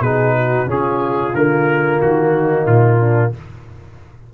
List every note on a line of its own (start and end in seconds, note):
0.00 0.66 B2
0.00 0.67 D#4
0.00 0.35 G#4
0.00 0.68 B4
0.36 0.68 F#4
0.66 1.32 C#3
0.66 1.33 C#4
0.66 2.33 F4
0.66 1.35 G#4
1.34 2.00 D3
1.34 3.34 A#3
1.34 2.01 A#4
2.01 2.66 D#3
2.01 2.66 F#4
2.33 2.99 D#4
2.66 3.32 A#2
2.66 3.32 F4
3.00 3.33 D4